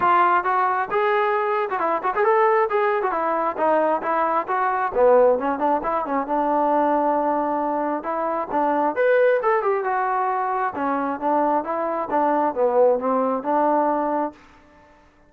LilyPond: \new Staff \with { instrumentName = "trombone" } { \time 4/4 \tempo 4 = 134 f'4 fis'4 gis'4.~ gis'16 fis'16 | e'8 fis'16 gis'16 a'4 gis'8. fis'16 e'4 | dis'4 e'4 fis'4 b4 | cis'8 d'8 e'8 cis'8 d'2~ |
d'2 e'4 d'4 | b'4 a'8 g'8 fis'2 | cis'4 d'4 e'4 d'4 | b4 c'4 d'2 | }